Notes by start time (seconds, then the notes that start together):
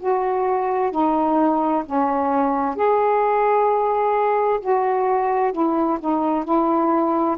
0.00 F#4
0.91 D#4
1.86 C#4
2.76 G#4
4.61 F#4
5.53 E4
6.00 D#4
6.45 E4